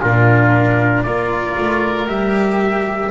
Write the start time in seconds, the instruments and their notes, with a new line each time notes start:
0.00 double bass A#2, cello D4, oboe F4, trumpet A#4
1.04 double bass A#3, cello F4, oboe A#4, trumpet D5
1.58 double bass A3
2.07 double bass G3, cello G4, trumpet E5